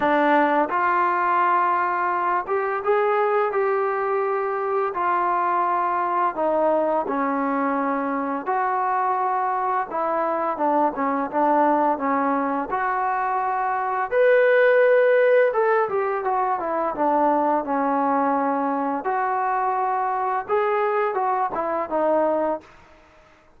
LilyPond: \new Staff \with { instrumentName = "trombone" } { \time 4/4 \tempo 4 = 85 d'4 f'2~ f'8 g'8 | gis'4 g'2 f'4~ | f'4 dis'4 cis'2 | fis'2 e'4 d'8 cis'8 |
d'4 cis'4 fis'2 | b'2 a'8 g'8 fis'8 e'8 | d'4 cis'2 fis'4~ | fis'4 gis'4 fis'8 e'8 dis'4 | }